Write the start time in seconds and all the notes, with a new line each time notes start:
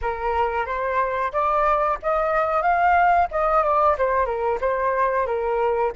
0.01 A#4
0.66 C5
1.32 D5
2.02 D#5
2.61 F5
3.31 D#5
3.63 D5
3.97 C5
4.25 A#4
4.61 C5
5.26 A#4